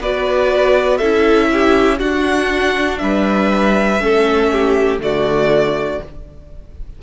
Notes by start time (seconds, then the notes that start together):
0.00 B3 F#4 B4 D5
0.97 C#4 E4 A4 E5
1.52 G4
1.99 D4 F#4 F#5
2.98 G3 B4 E5
3.99 A3 C#4 A4
4.52 G4
4.99 D3 A3 F#4 D5